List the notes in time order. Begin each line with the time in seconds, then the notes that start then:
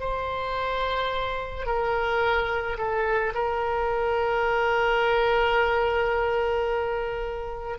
0.00 C5
1.66 A#4
2.78 A4
3.34 A#4